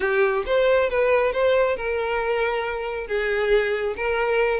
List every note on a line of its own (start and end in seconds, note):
0.00 0.43 G4
0.46 0.89 C5
0.89 1.33 B4
1.33 1.76 C5
1.76 3.07 A#4
3.07 3.94 G#4
3.96 4.60 A#4